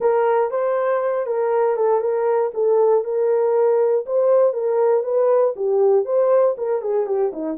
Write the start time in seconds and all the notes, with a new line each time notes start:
0.00 A#4
0.50 C5
1.26 A#4
1.76 A4
2.01 A#4
2.54 A4
3.04 A#4
4.06 C5
4.53 A#4
5.03 B4
5.56 G4
6.05 C5
6.57 A#4
6.81 G#4
7.06 G4
7.32 D#4